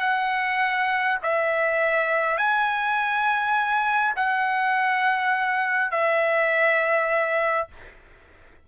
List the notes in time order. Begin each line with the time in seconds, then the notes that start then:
0.00 F#5
1.22 E5
2.37 G#5
4.16 F#5
5.91 E5